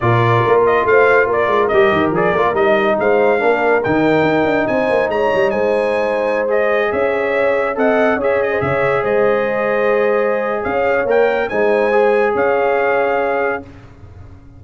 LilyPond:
<<
  \new Staff \with { instrumentName = "trumpet" } { \time 4/4 \tempo 4 = 141 d''4. dis''8 f''4 d''4 | dis''4 d''4 dis''4 f''4~ | f''4 g''2 gis''4 | ais''4 gis''2~ gis''16 dis''8.~ |
dis''16 e''2 fis''4 e''8 dis''16~ | dis''16 e''4 dis''2~ dis''8.~ | dis''4 f''4 g''4 gis''4~ | gis''4 f''2. | }
  \new Staff \with { instrumentName = "horn" } { \time 4/4 ais'2 c''4 ais'4~ | ais'2. c''4 | ais'2. c''4 | cis''4 c''2.~ |
c''16 cis''2 dis''4 cis''8. | c''16 cis''4 c''2~ c''8.~ | c''4 cis''2 c''4~ | c''4 cis''2. | }
  \new Staff \with { instrumentName = "trombone" } { \time 4/4 f'1 | g'4 gis'8 f'8 dis'2 | d'4 dis'2.~ | dis'2.~ dis'16 gis'8.~ |
gis'2~ gis'16 a'4 gis'8.~ | gis'1~ | gis'2 ais'4 dis'4 | gis'1 | }
  \new Staff \with { instrumentName = "tuba" } { \time 4/4 ais,4 ais4 a4 ais8 gis8 | g8 dis8 f8 ais8 g4 gis4 | ais4 dis4 dis'8 d'8 c'8 ais8 | gis8 g8 gis2.~ |
gis16 cis'2 c'4 cis'8.~ | cis'16 cis4 gis2~ gis8.~ | gis4 cis'4 ais4 gis4~ | gis4 cis'2. | }
>>